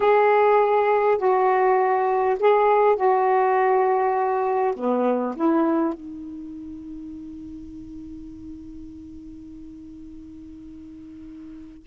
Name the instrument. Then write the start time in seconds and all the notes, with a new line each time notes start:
saxophone
0.00 G#4
1.17 F#4
2.39 G#4
2.96 F#4
4.76 B3
5.35 E4
5.93 D#4